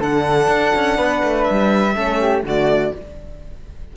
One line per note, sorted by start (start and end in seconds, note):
0.00 0.48 D3
0.00 1.94 D4
0.00 0.97 A4
0.00 1.44 F#5
0.48 0.72 D4
0.75 0.98 C#4
0.97 1.23 B3
0.97 1.94 B4
1.24 1.48 A3
1.44 2.42 E5
1.51 1.95 G3
1.94 2.43 A3
1.94 2.43 C#4
1.94 2.20 A4
2.20 2.44 G4
2.43 2.92 D3
2.43 2.96 A3
2.43 2.94 F#4
2.43 2.97 D5